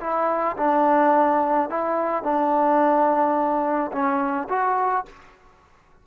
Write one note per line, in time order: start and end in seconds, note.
0.00 0.56 E4
0.57 1.69 D4
1.69 2.23 E4
2.23 3.91 D4
3.92 4.48 C#4
4.49 5.05 F#4